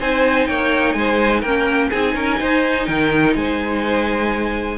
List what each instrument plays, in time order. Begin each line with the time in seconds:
0.00 cello C4, viola D#4, violin C5 G#5
0.46 cello A#3, violin C#5 G5
0.93 cello G#3, violin C5 G#5
1.41 cello A#3, viola C#4, violin A#4 G5
1.90 cello C4, viola D#4, violin G#4 G#5
2.16 cello C#4, violin A#4
2.40 cello D#4, violin C5
2.86 cello D#3, violin A#4 G5
3.35 cello G#3, violin C5 G#5